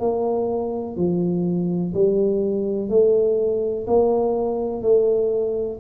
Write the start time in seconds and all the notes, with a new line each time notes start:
0.00 A#3
0.96 F3
1.94 G3
2.89 A3
3.87 A#3
4.82 A3